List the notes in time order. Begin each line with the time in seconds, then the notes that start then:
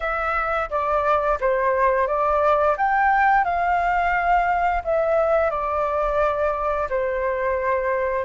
0.00 E5
0.70 D5
1.40 C5
2.07 D5
2.77 G5
3.44 F5
4.84 E5
5.50 D5
6.89 C5